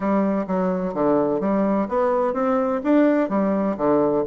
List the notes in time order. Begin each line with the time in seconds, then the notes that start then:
0.00 G3
0.47 F#3
0.94 D3
1.40 G3
1.88 B3
2.33 C4
2.83 D4
3.29 G3
3.77 D3